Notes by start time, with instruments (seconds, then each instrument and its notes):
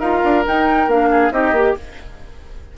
0.00 bassoon D#4, clarinet F4, oboe A#4, flute F5
0.24 bassoon D4
0.45 clarinet D#4, bassoon D#4, flute G5
0.87 bassoon A#3, clarinet D4, flute F5
1.11 oboe G#4
1.32 bassoon C4, clarinet D#4, oboe G4, flute D#5
1.52 bassoon A#3, clarinet G4